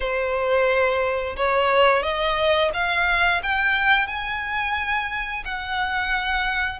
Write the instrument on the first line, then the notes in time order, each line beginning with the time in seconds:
violin
0.00 C5
1.36 C#5
2.02 D#5
2.73 F5
3.42 G5
4.07 G#5
5.45 F#5